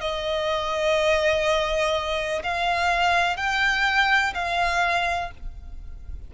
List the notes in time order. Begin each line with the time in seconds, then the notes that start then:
0.00 D#5
2.43 F5
3.36 G5
4.34 F5